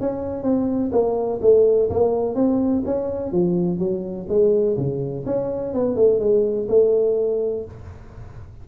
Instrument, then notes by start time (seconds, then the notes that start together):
tuba
0.00 C#4
0.43 C4
0.92 A#3
1.41 A3
1.89 A#3
2.35 C4
2.85 C#4
3.32 F3
3.79 F#3
4.29 G#3
4.77 C#3
5.26 C#4
5.74 B3
5.95 A3
6.19 G#3
6.69 A3